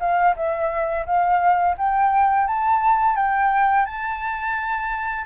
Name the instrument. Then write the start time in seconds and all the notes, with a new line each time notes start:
flute
0.00 F5
0.36 E5
1.06 F5
1.78 G5
2.47 A5
3.16 G5
3.86 A5